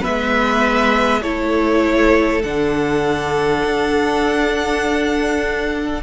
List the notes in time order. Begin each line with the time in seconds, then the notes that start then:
0.00 B3 B4 E5
0.07 G#3
1.22 A3 E4 A4 C#5
2.43 D3 D4 F#5
3.64 D4